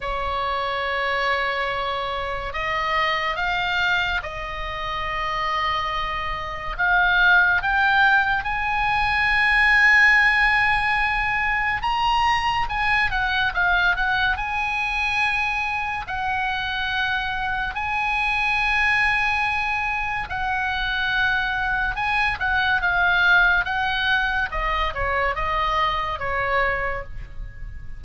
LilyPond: \new Staff \with { instrumentName = "oboe" } { \time 4/4 \tempo 4 = 71 cis''2. dis''4 | f''4 dis''2. | f''4 g''4 gis''2~ | gis''2 ais''4 gis''8 fis''8 |
f''8 fis''8 gis''2 fis''4~ | fis''4 gis''2. | fis''2 gis''8 fis''8 f''4 | fis''4 dis''8 cis''8 dis''4 cis''4 | }